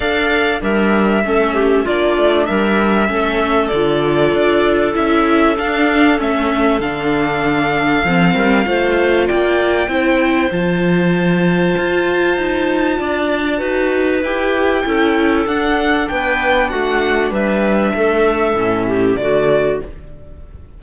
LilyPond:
<<
  \new Staff \with { instrumentName = "violin" } { \time 4/4 \tempo 4 = 97 f''4 e''2 d''4 | e''2 d''2 | e''4 f''4 e''4 f''4~ | f''2. g''4~ |
g''4 a''2.~ | a''2. g''4~ | g''4 fis''4 g''4 fis''4 | e''2. d''4 | }
  \new Staff \with { instrumentName = "clarinet" } { \time 4/4 d''4 ais'4 a'8 g'8 f'4 | ais'4 a'2.~ | a'1~ | a'4. ais'8 c''4 d''4 |
c''1~ | c''4 d''4 b'2 | a'2 b'4 fis'4 | b'4 a'4. g'8 fis'4 | }
  \new Staff \with { instrumentName = "viola" } { \time 4/4 a'4 d'4 cis'4 d'4~ | d'4 cis'4 f'2 | e'4 d'4 cis'4 d'4~ | d'4 c'4 f'2 |
e'4 f'2.~ | f'2 fis'4 g'4 | e'4 d'2.~ | d'2 cis'4 a4 | }
  \new Staff \with { instrumentName = "cello" } { \time 4/4 d'4 g4 a4 ais8 a8 | g4 a4 d4 d'4 | cis'4 d'4 a4 d4~ | d4 f8 g8 a4 ais4 |
c'4 f2 f'4 | dis'4 d'4 dis'4 e'4 | cis'4 d'4 b4 a4 | g4 a4 a,4 d4 | }
>>